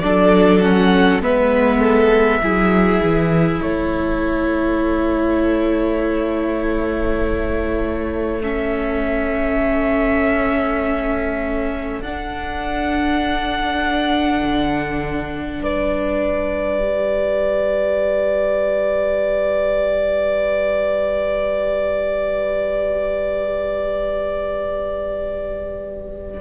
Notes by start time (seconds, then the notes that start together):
0.00 F#3 D4 A4 D5
0.60 C#4 F#5
1.21 G#3 B3 B4 E5
1.79 A4
2.42 F#3 E4 G#4
3.00 E3
3.60 A3 A4 C#5
8.42 C#4 E5
12.00 D4 F#5
14.41 D3
15.61 G3 B4 D5
16.78 G4